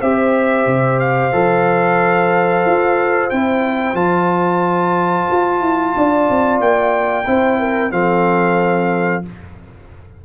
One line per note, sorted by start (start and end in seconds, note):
0.00 0.67 C4
0.00 1.33 G4
0.00 5.93 C5
0.00 1.00 E5
0.67 1.33 C3
1.00 3.30 F5
1.33 2.65 F3
1.33 3.31 A4
2.66 3.32 F4
3.30 3.94 C4
3.30 3.95 E4
3.30 3.96 G5
3.94 5.26 F3
3.94 7.25 F4
3.94 6.60 A5
5.31 5.61 F4
5.61 5.94 E4
5.96 6.30 D4
5.96 7.28 D5
6.30 6.60 C4
6.60 7.26 A#3
6.60 7.92 G5
7.27 7.92 C4
7.27 7.91 E4
7.27 7.60 C5
7.60 7.93 A#4
7.91 9.24 F3
7.91 9.23 C4
7.91 9.25 A4
7.91 9.24 F5